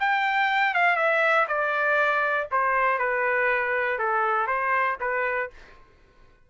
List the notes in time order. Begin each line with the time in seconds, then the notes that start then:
0.00 G5
0.75 F5
0.97 E5
1.48 D5
2.52 C5
2.99 B4
3.99 A4
4.47 C5
5.00 B4